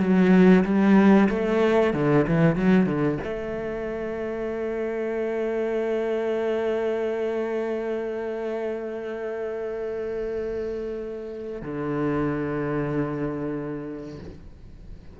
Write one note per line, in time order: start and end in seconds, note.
0.00 0.65 F#3
0.65 1.29 G3
1.30 1.94 A3
1.94 2.26 D3
2.28 2.56 E3
2.56 2.87 F#3
2.87 3.19 D3
3.24 11.62 A3
11.62 14.20 D3